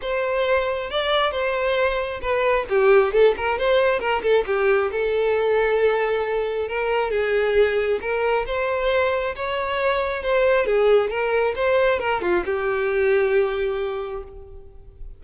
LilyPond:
\new Staff \with { instrumentName = "violin" } { \time 4/4 \tempo 4 = 135 c''2 d''4 c''4~ | c''4 b'4 g'4 a'8 ais'8 | c''4 ais'8 a'8 g'4 a'4~ | a'2. ais'4 |
gis'2 ais'4 c''4~ | c''4 cis''2 c''4 | gis'4 ais'4 c''4 ais'8 f'8 | g'1 | }